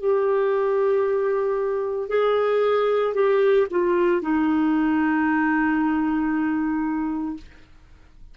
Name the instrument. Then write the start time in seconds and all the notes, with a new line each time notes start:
clarinet
0.00 G4
2.09 G#4
3.14 G4
3.70 F4
4.22 D#4